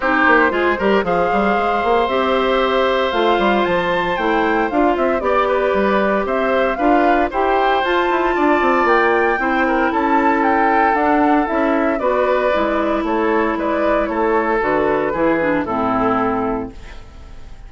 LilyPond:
<<
  \new Staff \with { instrumentName = "flute" } { \time 4/4 \tempo 4 = 115 c''2 f''2 | e''2 f''4 a''4 | g''4 f''8 e''8 d''2 | e''4 f''4 g''4 a''4~ |
a''4 g''2 a''4 | g''4 fis''4 e''4 d''4~ | d''4 cis''4 d''4 cis''4 | b'2 a'2 | }
  \new Staff \with { instrumentName = "oboe" } { \time 4/4 g'4 gis'8 ais'8 c''2~ | c''1~ | c''2 d''8 b'4. | c''4 b'4 c''2 |
d''2 c''8 ais'8 a'4~ | a'2. b'4~ | b'4 a'4 b'4 a'4~ | a'4 gis'4 e'2 | }
  \new Staff \with { instrumentName = "clarinet" } { \time 4/4 dis'4 f'8 g'8 gis'2 | g'2 f'2 | e'4 f'4 g'2~ | g'4 f'4 g'4 f'4~ |
f'2 e'2~ | e'4 d'4 e'4 fis'4 | e'1 | fis'4 e'8 d'8 c'2 | }
  \new Staff \with { instrumentName = "bassoon" } { \time 4/4 c'8 ais8 gis8 g8 f8 g8 gis8 ais8 | c'2 a8 g8 f4 | a4 d'8 c'8 b4 g4 | c'4 d'4 e'4 f'8 e'8 |
d'8 c'8 ais4 c'4 cis'4~ | cis'4 d'4 cis'4 b4 | gis4 a4 gis4 a4 | d4 e4 a,2 | }
>>